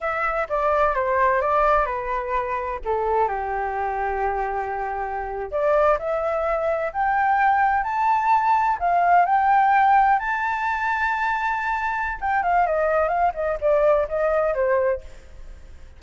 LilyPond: \new Staff \with { instrumentName = "flute" } { \time 4/4 \tempo 4 = 128 e''4 d''4 c''4 d''4 | b'2 a'4 g'4~ | g'2.~ g'8. d''16~ | d''8. e''2 g''4~ g''16~ |
g''8. a''2 f''4 g''16~ | g''4.~ g''16 a''2~ a''16~ | a''2 g''8 f''8 dis''4 | f''8 dis''8 d''4 dis''4 c''4 | }